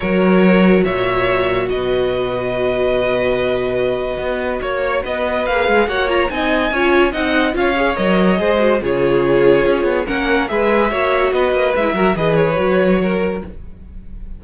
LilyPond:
<<
  \new Staff \with { instrumentName = "violin" } { \time 4/4 \tempo 4 = 143 cis''2 e''2 | dis''1~ | dis''2. cis''4 | dis''4 f''4 fis''8 ais''8 gis''4~ |
gis''4 fis''4 f''4 dis''4~ | dis''4 cis''2. | fis''4 e''2 dis''4 | e''4 dis''8 cis''2~ cis''8 | }
  \new Staff \with { instrumentName = "violin" } { \time 4/4 ais'2 cis''2 | b'1~ | b'2. cis''4 | b'2 cis''4 dis''4 |
cis''4 dis''4 cis''2 | c''4 gis'2. | ais'4 b'4 cis''4 b'4~ | b'8 ais'8 b'2 ais'4 | }
  \new Staff \with { instrumentName = "viola" } { \time 4/4 fis'1~ | fis'1~ | fis'1~ | fis'4 gis'4 fis'8 f'8 dis'4 |
f'4 dis'4 f'8 gis'8 ais'4 | gis'8 fis'8 f'2. | cis'4 gis'4 fis'2 | e'8 fis'8 gis'4 fis'2 | }
  \new Staff \with { instrumentName = "cello" } { \time 4/4 fis2 ais,2 | b,1~ | b,2 b4 ais4 | b4 ais8 gis8 ais4 c'4 |
cis'4 c'4 cis'4 fis4 | gis4 cis2 cis'8 b8 | ais4 gis4 ais4 b8 ais8 | gis8 fis8 e4 fis2 | }
>>